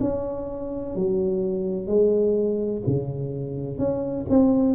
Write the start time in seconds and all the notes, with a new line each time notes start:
0.00 C#4
0.96 F#3
1.87 G#3
2.87 C#3
3.78 C#4
4.29 C4